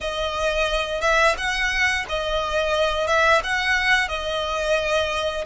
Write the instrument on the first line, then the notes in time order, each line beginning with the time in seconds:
violin
0.01 D#5
1.01 E5
1.37 F#5
2.09 D#5
3.07 E5
3.43 F#5
4.08 D#5